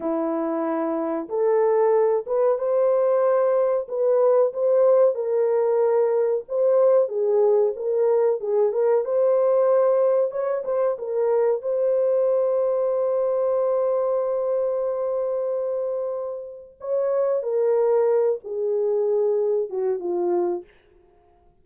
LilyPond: \new Staff \with { instrumentName = "horn" } { \time 4/4 \tempo 4 = 93 e'2 a'4. b'8 | c''2 b'4 c''4 | ais'2 c''4 gis'4 | ais'4 gis'8 ais'8 c''2 |
cis''8 c''8 ais'4 c''2~ | c''1~ | c''2 cis''4 ais'4~ | ais'8 gis'2 fis'8 f'4 | }